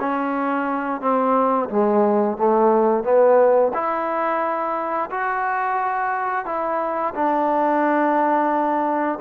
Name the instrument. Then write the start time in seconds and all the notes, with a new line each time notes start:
trombone
0.00 C#4
1.01 C4
1.70 G#3
2.38 A3
3.04 B3
3.74 E4
5.11 F#4
6.46 E4
7.15 D4